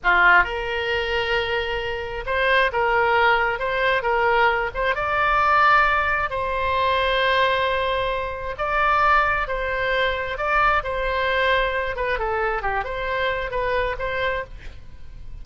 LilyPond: \new Staff \with { instrumentName = "oboe" } { \time 4/4 \tempo 4 = 133 f'4 ais'2.~ | ais'4 c''4 ais'2 | c''4 ais'4. c''8 d''4~ | d''2 c''2~ |
c''2. d''4~ | d''4 c''2 d''4 | c''2~ c''8 b'8 a'4 | g'8 c''4. b'4 c''4 | }